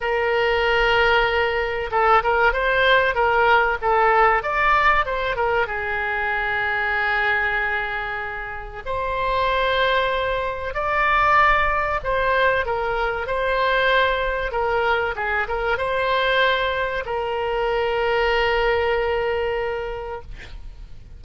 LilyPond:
\new Staff \with { instrumentName = "oboe" } { \time 4/4 \tempo 4 = 95 ais'2. a'8 ais'8 | c''4 ais'4 a'4 d''4 | c''8 ais'8 gis'2.~ | gis'2 c''2~ |
c''4 d''2 c''4 | ais'4 c''2 ais'4 | gis'8 ais'8 c''2 ais'4~ | ais'1 | }